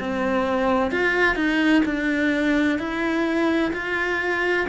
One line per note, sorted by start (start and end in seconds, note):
0.00 0.92 C4
0.92 1.36 F4
1.36 1.83 D#4
1.86 2.79 D4
2.79 3.73 E4
3.74 4.67 F4